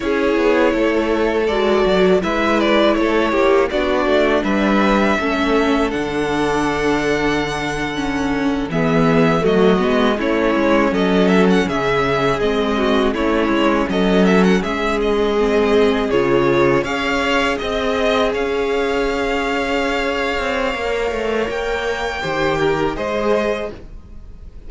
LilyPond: <<
  \new Staff \with { instrumentName = "violin" } { \time 4/4 \tempo 4 = 81 cis''2 d''4 e''8 d''8 | cis''4 d''4 e''2 | fis''2.~ fis''8. e''16~ | e''8. dis''4 cis''4 dis''8 e''16 fis''16 e''16~ |
e''8. dis''4 cis''4 dis''8 e''16 fis''16 e''16~ | e''16 dis''4. cis''4 f''4 dis''16~ | dis''8. f''2.~ f''16~ | f''4 g''2 dis''4 | }
  \new Staff \with { instrumentName = "violin" } { \time 4/4 gis'4 a'2 b'4 | a'8 g'8 fis'4 b'4 a'4~ | a'2.~ a'8. gis'16~ | gis'8. fis'4 e'4 a'4 gis'16~ |
gis'4~ gis'16 fis'8 e'4 a'4 gis'16~ | gis'2~ gis'8. cis''4 dis''16~ | dis''8. cis''2.~ cis''16~ | cis''2 c''8 ais'8 c''4 | }
  \new Staff \with { instrumentName = "viola" } { \time 4/4 e'2 fis'4 e'4~ | e'4 d'2 cis'4 | d'2~ d'8. cis'4 b16~ | b8. a8 b8 cis'2~ cis'16~ |
cis'8. c'4 cis'2~ cis'16~ | cis'8. c'4 f'4 gis'4~ gis'16~ | gis'1 | ais'2 g'4 gis'4 | }
  \new Staff \with { instrumentName = "cello" } { \time 4/4 cis'8 b8 a4 gis8 fis8 gis4 | a8 ais8 b8 a8 g4 a4 | d2.~ d8. e16~ | e8. fis8 gis8 a8 gis8 fis4 cis16~ |
cis8. gis4 a8 gis8 fis4 gis16~ | gis4.~ gis16 cis4 cis'4 c'16~ | c'8. cis'2~ cis'8. c'8 | ais8 a8 ais4 dis4 gis4 | }
>>